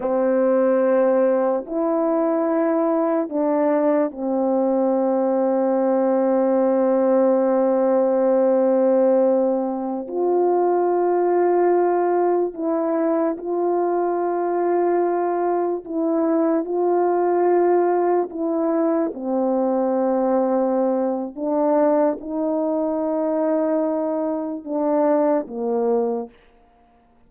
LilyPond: \new Staff \with { instrumentName = "horn" } { \time 4/4 \tempo 4 = 73 c'2 e'2 | d'4 c'2.~ | c'1~ | c'16 f'2. e'8.~ |
e'16 f'2. e'8.~ | e'16 f'2 e'4 c'8.~ | c'2 d'4 dis'4~ | dis'2 d'4 ais4 | }